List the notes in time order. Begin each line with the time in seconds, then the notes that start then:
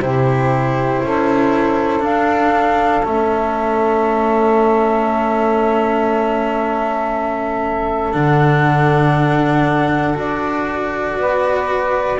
0.00 C3 E4 G4 C5
1.03 C#4 A4
2.00 D4 F5
3.05 A3 C#4 E5
8.12 D3 D4 F#5
10.14 D4 F#4 D5
11.17 B3 B4